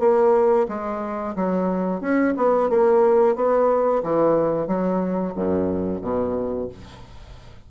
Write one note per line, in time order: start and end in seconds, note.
0.00 0.67 A#3
0.69 1.35 G#3
1.36 2.01 F#3
2.01 2.34 C#4
2.37 2.70 B3
2.70 3.36 A#3
3.36 4.03 B3
4.04 4.67 E3
4.67 5.34 F#3
5.35 6.02 F#2
6.02 6.68 B2